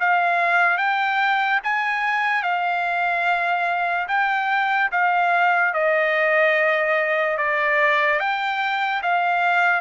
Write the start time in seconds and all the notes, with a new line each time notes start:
0.00 F5
0.78 G5
1.64 G#5
2.43 F5
4.08 G5
4.92 F5
5.74 D#5
7.37 D5
8.20 G5
9.03 F5